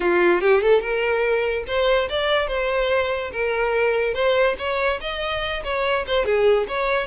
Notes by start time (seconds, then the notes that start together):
0.00 F4
0.41 G4
0.61 A4
0.81 A#4
1.67 C5
2.09 D5
2.47 C5
3.32 A#4
4.14 C5
4.58 C#5
5.00 D#5
5.64 C#5
6.06 C5
6.25 G#4
6.68 C#5